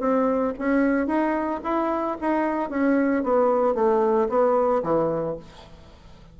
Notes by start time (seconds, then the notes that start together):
0.00 C4
0.59 C#4
1.07 D#4
1.64 E4
2.21 D#4
2.70 C#4
3.24 B3
3.75 A3
4.29 B3
4.83 E3